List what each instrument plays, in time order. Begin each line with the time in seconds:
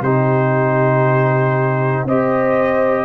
0.00 tuba C3, trombone D#4, horn G4, trumpet C5
2.05 tuba C4, trombone G4, horn C5, trumpet D#5